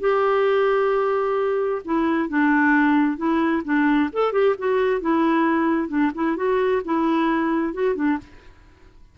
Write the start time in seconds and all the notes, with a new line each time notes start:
0.00 G4
1.85 E4
2.29 D4
3.17 E4
3.64 D4
4.13 A4
4.32 G4
4.58 F#4
5.01 E4
5.88 D4
6.14 E4
6.36 F#4
6.85 E4
7.73 F#4
7.95 D4